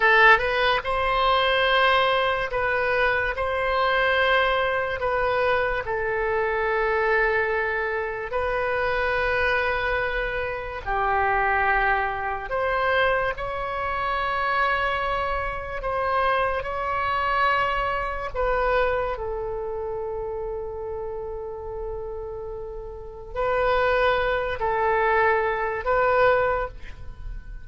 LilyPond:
\new Staff \with { instrumentName = "oboe" } { \time 4/4 \tempo 4 = 72 a'8 b'8 c''2 b'4 | c''2 b'4 a'4~ | a'2 b'2~ | b'4 g'2 c''4 |
cis''2. c''4 | cis''2 b'4 a'4~ | a'1 | b'4. a'4. b'4 | }